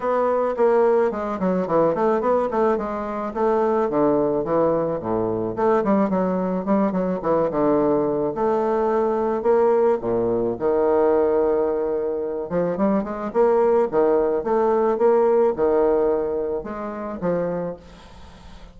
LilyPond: \new Staff \with { instrumentName = "bassoon" } { \time 4/4 \tempo 4 = 108 b4 ais4 gis8 fis8 e8 a8 | b8 a8 gis4 a4 d4 | e4 a,4 a8 g8 fis4 | g8 fis8 e8 d4. a4~ |
a4 ais4 ais,4 dis4~ | dis2~ dis8 f8 g8 gis8 | ais4 dis4 a4 ais4 | dis2 gis4 f4 | }